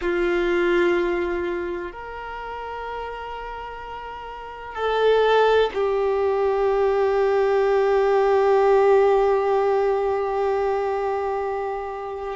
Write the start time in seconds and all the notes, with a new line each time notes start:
0.01 F4
1.91 A#4
4.74 A4
5.74 G4